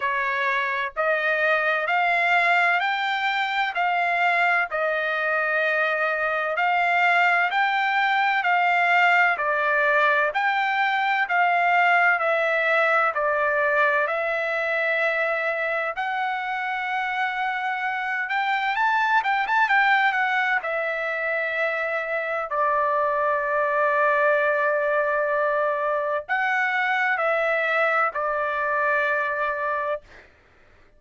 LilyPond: \new Staff \with { instrumentName = "trumpet" } { \time 4/4 \tempo 4 = 64 cis''4 dis''4 f''4 g''4 | f''4 dis''2 f''4 | g''4 f''4 d''4 g''4 | f''4 e''4 d''4 e''4~ |
e''4 fis''2~ fis''8 g''8 | a''8 g''16 a''16 g''8 fis''8 e''2 | d''1 | fis''4 e''4 d''2 | }